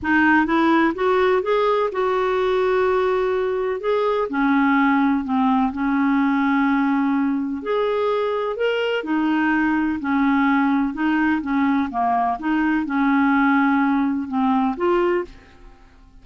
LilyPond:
\new Staff \with { instrumentName = "clarinet" } { \time 4/4 \tempo 4 = 126 dis'4 e'4 fis'4 gis'4 | fis'1 | gis'4 cis'2 c'4 | cis'1 |
gis'2 ais'4 dis'4~ | dis'4 cis'2 dis'4 | cis'4 ais4 dis'4 cis'4~ | cis'2 c'4 f'4 | }